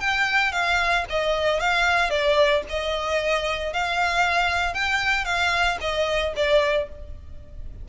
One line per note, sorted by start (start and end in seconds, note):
0.00 0.52 G5
0.52 1.05 F5
1.09 1.60 D#5
1.60 2.10 F5
2.10 2.63 D5
2.69 3.73 D#5
3.73 4.74 F5
4.74 5.25 G5
5.25 5.78 F5
5.81 6.33 D#5
6.36 6.89 D5